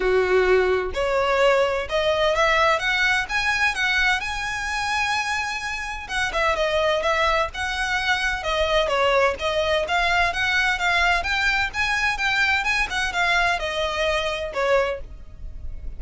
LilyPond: \new Staff \with { instrumentName = "violin" } { \time 4/4 \tempo 4 = 128 fis'2 cis''2 | dis''4 e''4 fis''4 gis''4 | fis''4 gis''2.~ | gis''4 fis''8 e''8 dis''4 e''4 |
fis''2 dis''4 cis''4 | dis''4 f''4 fis''4 f''4 | g''4 gis''4 g''4 gis''8 fis''8 | f''4 dis''2 cis''4 | }